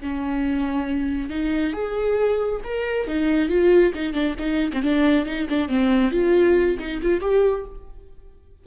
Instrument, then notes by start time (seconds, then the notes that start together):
viola
0.00 C#4
1.29 D#4
1.73 G#4
2.63 A#4
3.07 D#4
3.49 F4
3.94 D#4
4.13 D4
4.38 D#4
4.72 C4
4.82 D4
5.25 D#4
5.49 D4
5.68 C4
6.11 F4
6.79 D#4
7.01 F4
7.21 G4